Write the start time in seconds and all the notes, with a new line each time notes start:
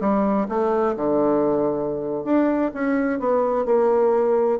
0.00 G3
0.48 A3
0.96 D3
2.24 D4
2.74 C#4
3.19 B3
3.65 A#3